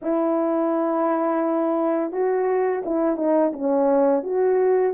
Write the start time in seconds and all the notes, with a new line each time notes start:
0.02 E4
2.12 F#4
2.85 E4
3.16 D#4
3.52 C#4
4.23 F#4